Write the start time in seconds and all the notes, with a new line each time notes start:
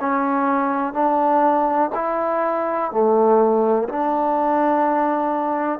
0.00 C#4
0.93 D4
1.94 E4
2.92 A3
3.88 D4